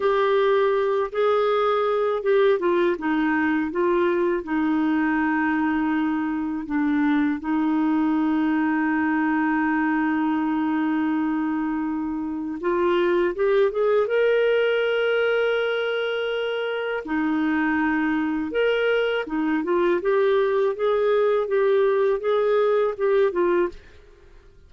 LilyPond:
\new Staff \with { instrumentName = "clarinet" } { \time 4/4 \tempo 4 = 81 g'4. gis'4. g'8 f'8 | dis'4 f'4 dis'2~ | dis'4 d'4 dis'2~ | dis'1~ |
dis'4 f'4 g'8 gis'8 ais'4~ | ais'2. dis'4~ | dis'4 ais'4 dis'8 f'8 g'4 | gis'4 g'4 gis'4 g'8 f'8 | }